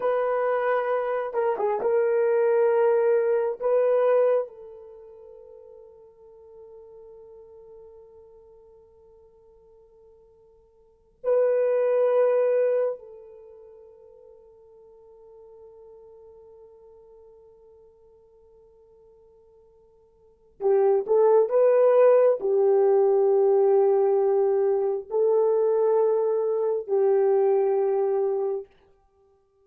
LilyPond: \new Staff \with { instrumentName = "horn" } { \time 4/4 \tempo 4 = 67 b'4. ais'16 gis'16 ais'2 | b'4 a'2.~ | a'1~ | a'8 b'2 a'4.~ |
a'1~ | a'2. g'8 a'8 | b'4 g'2. | a'2 g'2 | }